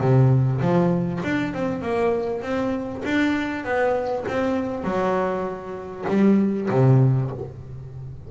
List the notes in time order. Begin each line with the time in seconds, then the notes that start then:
0.00 C3
0.61 F3
1.24 D4
1.53 C4
1.82 A#3
2.42 C4
3.05 D4
3.64 B3
4.28 C4
4.84 F#3
6.09 G3
6.70 C3